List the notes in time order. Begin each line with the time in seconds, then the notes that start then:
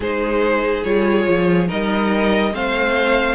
0.00 G#3 D#4 G#4 C5
0.83 G3 F4 C#5
1.28 F3
1.67 G3 D#4 A#4 D#5
2.52 A3 C4 C5 F5